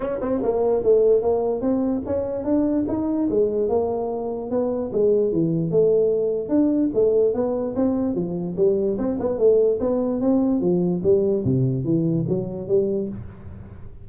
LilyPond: \new Staff \with { instrumentName = "tuba" } { \time 4/4 \tempo 4 = 147 cis'8 c'8 ais4 a4 ais4 | c'4 cis'4 d'4 dis'4 | gis4 ais2 b4 | gis4 e4 a2 |
d'4 a4 b4 c'4 | f4 g4 c'8 b8 a4 | b4 c'4 f4 g4 | c4 e4 fis4 g4 | }